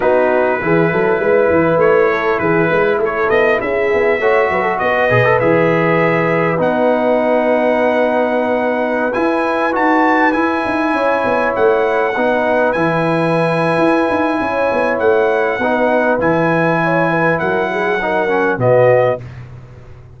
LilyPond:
<<
  \new Staff \with { instrumentName = "trumpet" } { \time 4/4 \tempo 4 = 100 b'2. cis''4 | b'4 cis''8 dis''8 e''2 | dis''4 e''2 fis''4~ | fis''2.~ fis''16 gis''8.~ |
gis''16 a''4 gis''2 fis''8.~ | fis''4~ fis''16 gis''2~ gis''8.~ | gis''4 fis''2 gis''4~ | gis''4 fis''2 dis''4 | }
  \new Staff \with { instrumentName = "horn" } { \time 4/4 fis'4 gis'8 a'8 b'4. a'8 | gis'8 b'8 a'4 gis'4 cis''8 b'16 a'16 | b'1~ | b'1~ |
b'2~ b'16 cis''4.~ cis''16~ | cis''16 b'2.~ b'8. | cis''2 b'2 | cis''8 b'8 ais'8 gis'8 ais'4 fis'4 | }
  \new Staff \with { instrumentName = "trombone" } { \time 4/4 dis'4 e'2.~ | e'2. fis'4~ | fis'8 gis'16 a'16 gis'2 dis'4~ | dis'2.~ dis'16 e'8.~ |
e'16 fis'4 e'2~ e'8.~ | e'16 dis'4 e'2~ e'8.~ | e'2 dis'4 e'4~ | e'2 dis'8 cis'8 b4 | }
  \new Staff \with { instrumentName = "tuba" } { \time 4/4 b4 e8 fis8 gis8 e8 a4 | e8 gis8 a8 b8 cis'8 b8 a8 fis8 | b8 b,8 e2 b4~ | b2.~ b16 e'8.~ |
e'16 dis'4 e'8 dis'8 cis'8 b8 a8.~ | a16 b4 e4.~ e16 e'8 dis'8 | cis'8 b8 a4 b4 e4~ | e4 fis2 b,4 | }
>>